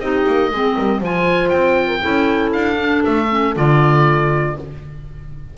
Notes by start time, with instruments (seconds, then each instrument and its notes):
0.00 double bass C4, clarinet D#4, horn G4, oboe D#5
0.27 double bass A#3
0.51 double bass G#3, clarinet C4, horn G#4
0.75 double bass G3, horn A#4
1.01 double bass F3, clarinet F4, horn C5, oboe G#5
1.49 double bass C4, oboe G5
1.88 horn A#4
2.01 double bass C#4, clarinet E4, horn A4
2.53 double bass D4, oboe F5
2.77 clarinet D4
3.05 double bass A3, oboe E5
3.30 clarinet C#4
3.56 double bass D3, clarinet F4, oboe D5